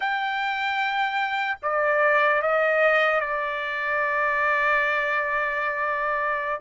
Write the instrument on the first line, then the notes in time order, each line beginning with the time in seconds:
trumpet
0.00 G5
1.62 D5
2.42 D#5
3.20 D5